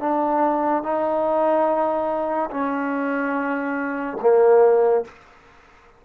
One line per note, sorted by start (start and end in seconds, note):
0.00 0.83 D4
0.83 2.50 D#4
2.51 4.17 C#4
4.21 5.05 A#3